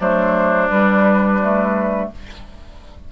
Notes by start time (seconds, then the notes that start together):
0.00 F#3 A3 D4 C5
0.69 G3 B4
1.42 A3